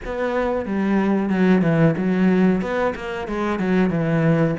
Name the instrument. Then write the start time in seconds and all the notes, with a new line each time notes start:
cello
0.05 B3
0.65 G3
1.29 F#3
1.62 E3
1.97 F#3
2.61 B3
2.95 A#3
3.27 G#3
3.59 F#3
3.90 E3